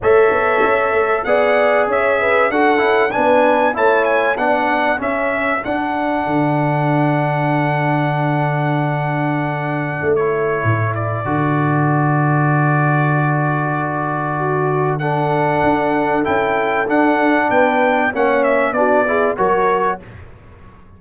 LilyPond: <<
  \new Staff \with { instrumentName = "trumpet" } { \time 4/4 \tempo 4 = 96 e''2 fis''4 e''4 | fis''4 gis''4 a''8 gis''8 fis''4 | e''4 fis''2.~ | fis''1~ |
fis''16 cis''4~ cis''16 d''2~ d''8~ | d''1 | fis''2 g''4 fis''4 | g''4 fis''8 e''8 d''4 cis''4 | }
  \new Staff \with { instrumentName = "horn" } { \time 4/4 cis''2 d''4 cis''8 b'8 | a'4 b'4 cis''4 d''4 | a'1~ | a'1~ |
a'1~ | a'2. fis'4 | a'1 | b'4 cis''4 fis'8 gis'8 ais'4 | }
  \new Staff \with { instrumentName = "trombone" } { \time 4/4 a'2 gis'2 | fis'8 e'8 d'4 e'4 d'4 | cis'4 d'2.~ | d'1~ |
d'16 e'4.~ e'16 fis'2~ | fis'1 | d'2 e'4 d'4~ | d'4 cis'4 d'8 e'8 fis'4 | }
  \new Staff \with { instrumentName = "tuba" } { \time 4/4 a8 b8 cis'8 a8 b4 cis'4 | d'8 cis'8 b4 a4 b4 | cis'4 d'4 d2~ | d1 |
a4 a,4 d2~ | d1~ | d4 d'4 cis'4 d'4 | b4 ais4 b4 fis4 | }
>>